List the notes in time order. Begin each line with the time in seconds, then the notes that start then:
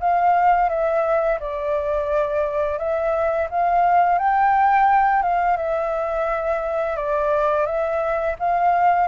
0.00 F5
0.69 E5
1.40 D5
2.78 E5
3.50 F5
4.19 G5
5.23 F5
5.57 E5
6.96 D5
7.66 E5
8.39 F5